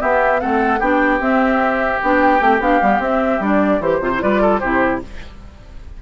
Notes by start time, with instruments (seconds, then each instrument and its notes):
0.00 clarinet B3, bassoon B3, oboe G4, flute E5
0.39 bassoon A3, clarinet C4, oboe A4, flute F#5
0.79 bassoon B3, clarinet D4, oboe G4, flute G5
1.20 clarinet C4, bassoon C4, flute E5
2.02 bassoon B3, clarinet D4, flute G5
2.40 bassoon A3, clarinet C4
2.60 bassoon B3, clarinet D4, flute F5
2.80 bassoon G3, clarinet B3
2.99 bassoon C4, clarinet C4, flute E5
3.40 bassoon G3, clarinet D4, flute D5
3.80 bassoon E3, clarinet G4, flute C5
4.00 bassoon C3, clarinet F4, oboe C5
4.14 clarinet E4
4.21 bassoon G3, clarinet F4, oboe B4, flute D5
4.41 oboe A4
4.59 bassoon C3, clarinet E4, oboe G4, flute C5